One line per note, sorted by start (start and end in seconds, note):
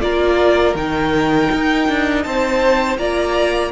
0.00 0.74 A#3
0.00 0.74 F4
0.00 2.25 A#4
0.00 0.74 D5
0.74 1.48 D#3
0.74 2.98 D#4
0.74 2.23 G5
1.51 1.88 D#4
1.88 2.25 D4
2.23 2.97 C4
2.23 2.98 C5
2.23 2.97 A5
2.97 3.71 A#3
2.97 3.71 F4
2.97 3.71 D5
2.97 3.71 A#5